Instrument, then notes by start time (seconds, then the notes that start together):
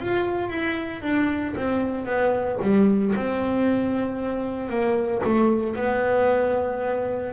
double bass
0.00 F4
0.49 E4
1.02 D4
1.56 C4
2.06 B3
2.62 G3
3.16 C4
4.69 A#3
5.24 A3
5.75 B3